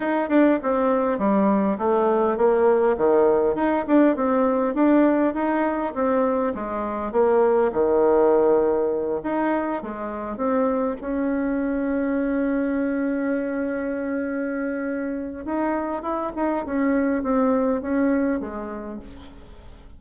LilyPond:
\new Staff \with { instrumentName = "bassoon" } { \time 4/4 \tempo 4 = 101 dis'8 d'8 c'4 g4 a4 | ais4 dis4 dis'8 d'8 c'4 | d'4 dis'4 c'4 gis4 | ais4 dis2~ dis8 dis'8~ |
dis'8 gis4 c'4 cis'4.~ | cis'1~ | cis'2 dis'4 e'8 dis'8 | cis'4 c'4 cis'4 gis4 | }